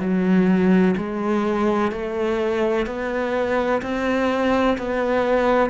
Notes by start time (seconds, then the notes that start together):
0.00 F#3
0.97 G#3
1.92 A3
2.86 B3
3.82 C4
4.78 B3